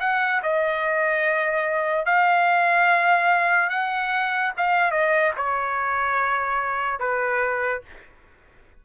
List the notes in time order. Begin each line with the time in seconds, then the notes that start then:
0.00 F#5
0.43 D#5
2.06 F5
3.70 F#5
4.57 F5
4.91 D#5
5.37 C#5
7.00 B4